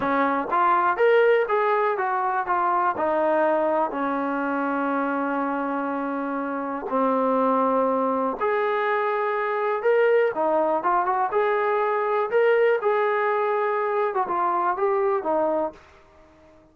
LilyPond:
\new Staff \with { instrumentName = "trombone" } { \time 4/4 \tempo 4 = 122 cis'4 f'4 ais'4 gis'4 | fis'4 f'4 dis'2 | cis'1~ | cis'2 c'2~ |
c'4 gis'2. | ais'4 dis'4 f'8 fis'8 gis'4~ | gis'4 ais'4 gis'2~ | gis'8. fis'16 f'4 g'4 dis'4 | }